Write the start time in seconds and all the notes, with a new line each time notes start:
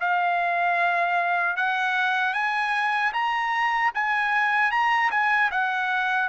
0.00 F5
1.56 F#5
2.34 G#5
3.13 A#5
3.94 G#5
4.71 A#5
5.11 G#5
5.51 F#5